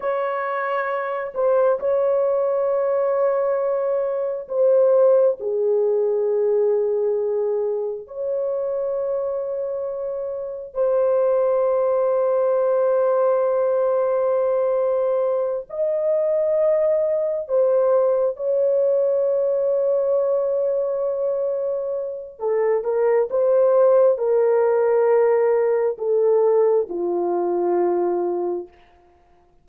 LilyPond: \new Staff \with { instrumentName = "horn" } { \time 4/4 \tempo 4 = 67 cis''4. c''8 cis''2~ | cis''4 c''4 gis'2~ | gis'4 cis''2. | c''1~ |
c''4. dis''2 c''8~ | c''8 cis''2.~ cis''8~ | cis''4 a'8 ais'8 c''4 ais'4~ | ais'4 a'4 f'2 | }